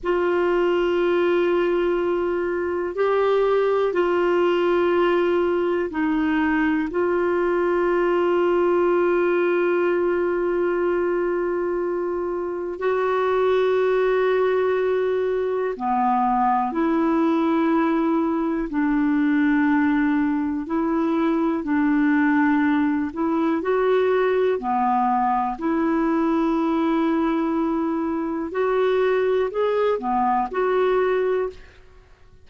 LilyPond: \new Staff \with { instrumentName = "clarinet" } { \time 4/4 \tempo 4 = 61 f'2. g'4 | f'2 dis'4 f'4~ | f'1~ | f'4 fis'2. |
b4 e'2 d'4~ | d'4 e'4 d'4. e'8 | fis'4 b4 e'2~ | e'4 fis'4 gis'8 b8 fis'4 | }